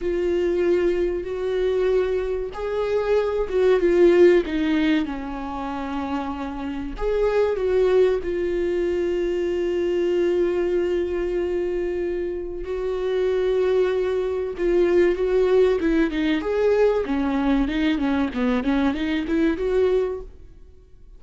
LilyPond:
\new Staff \with { instrumentName = "viola" } { \time 4/4 \tempo 4 = 95 f'2 fis'2 | gis'4. fis'8 f'4 dis'4 | cis'2. gis'4 | fis'4 f'2.~ |
f'1 | fis'2. f'4 | fis'4 e'8 dis'8 gis'4 cis'4 | dis'8 cis'8 b8 cis'8 dis'8 e'8 fis'4 | }